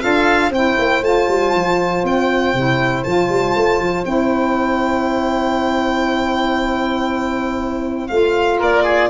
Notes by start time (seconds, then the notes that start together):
0.00 D4 F4 A4 F5
0.50 C4 E4 C5 G5
0.79 A#3
1.01 A3 F4 A5
1.28 G3
1.55 F3
2.03 C4 G5
2.53 C3 E4
3.03 F3 F4 A5
3.29 G3
3.55 A3
3.79 F3
4.05 C4 E4 G5
8.07 A3 F4 F5
8.59 A#3 A#4 D5
8.84 G#4